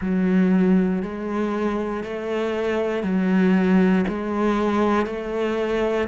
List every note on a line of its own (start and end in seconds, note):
0.00 1.02 F#3
1.02 2.03 G#3
2.03 3.03 A3
3.03 4.04 F#3
4.07 5.06 G#3
5.06 6.07 A3